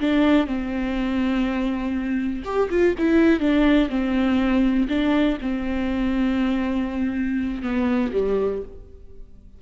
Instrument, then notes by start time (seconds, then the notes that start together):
viola
0.00 D4
0.46 C4
2.44 G4
2.70 F4
2.98 E4
3.40 D4
3.89 C4
4.88 D4
5.41 C4
7.62 B3
8.12 G3